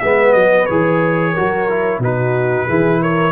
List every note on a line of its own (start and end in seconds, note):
0.00 0.35 G#3
0.00 0.69 B3
0.00 1.33 B4
0.00 0.33 E5
0.33 0.68 F#3
0.33 0.66 D#5
0.66 1.37 E3
0.66 1.36 G#4
0.66 2.00 C#5
1.33 1.99 F#3
1.33 1.70 F#4
1.33 2.00 A#4
1.70 2.03 E4
1.99 2.65 B2
1.99 2.69 D#4
1.99 2.67 F#4
1.99 3.03 B4
2.67 3.32 E3
2.67 3.32 E4
2.67 3.01 G#4
3.02 3.32 A#4
3.02 3.32 C#5